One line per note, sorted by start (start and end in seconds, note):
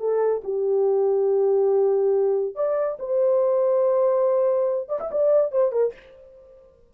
0.00 0.42 A4
0.44 2.55 G4
2.55 2.98 D5
2.99 4.89 C5
4.89 5.00 D5
5.00 5.11 E5
5.12 5.52 D5
5.52 5.72 C5
5.72 5.93 A#4